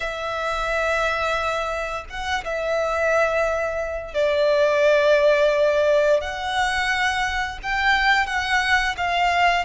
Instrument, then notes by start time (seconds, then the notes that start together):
violin
0.00 E5
2.09 F#5
2.44 E5
4.13 D5
6.20 F#5
7.62 G5
8.26 F#5
8.97 F5